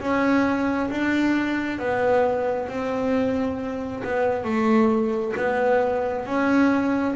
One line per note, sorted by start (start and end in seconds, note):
0.00 0.90 C#4
0.90 1.79 D4
1.79 2.68 B3
2.68 4.03 C4
4.03 4.44 B3
4.44 5.33 A3
5.36 6.25 B3
6.25 7.15 C#4